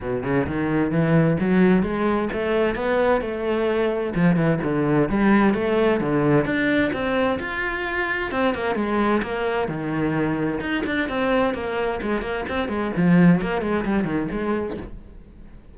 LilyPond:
\new Staff \with { instrumentName = "cello" } { \time 4/4 \tempo 4 = 130 b,8 cis8 dis4 e4 fis4 | gis4 a4 b4 a4~ | a4 f8 e8 d4 g4 | a4 d4 d'4 c'4 |
f'2 c'8 ais8 gis4 | ais4 dis2 dis'8 d'8 | c'4 ais4 gis8 ais8 c'8 gis8 | f4 ais8 gis8 g8 dis8 gis4 | }